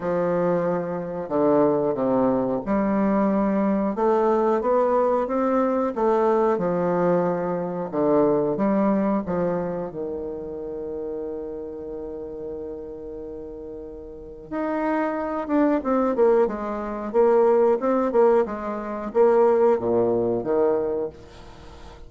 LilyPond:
\new Staff \with { instrumentName = "bassoon" } { \time 4/4 \tempo 4 = 91 f2 d4 c4 | g2 a4 b4 | c'4 a4 f2 | d4 g4 f4 dis4~ |
dis1~ | dis2 dis'4. d'8 | c'8 ais8 gis4 ais4 c'8 ais8 | gis4 ais4 ais,4 dis4 | }